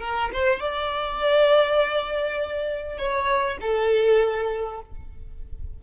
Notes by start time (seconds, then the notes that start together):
0.00 A#4
0.33 C5
0.59 D5
2.98 C#5
3.61 A4